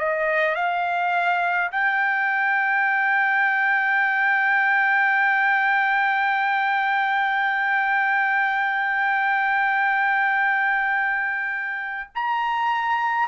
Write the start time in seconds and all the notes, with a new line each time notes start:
0.00 D#5
0.56 F5
1.72 G5
12.15 A#5